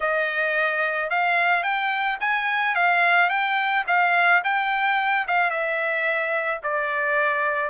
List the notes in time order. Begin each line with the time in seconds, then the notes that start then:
0.00 D#5
1.10 F5
1.63 G5
2.20 G#5
2.75 F5
3.29 G5
3.87 F5
4.44 G5
5.27 F5
5.50 E5
6.63 D5